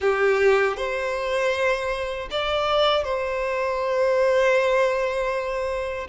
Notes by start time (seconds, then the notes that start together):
0.00 G4
0.76 C5
2.30 D5
3.03 C5